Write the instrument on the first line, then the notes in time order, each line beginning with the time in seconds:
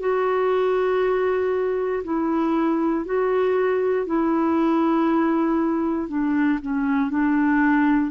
clarinet
0.00 F#4
2.04 E4
3.06 F#4
4.06 E4
6.08 D4
6.62 C#4
7.10 D4